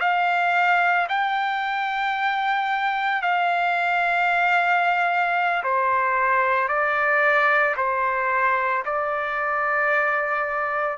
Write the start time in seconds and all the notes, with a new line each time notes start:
0.00 F5
1.09 G5
3.22 F5
5.64 C5
6.68 D5
7.77 C5
8.85 D5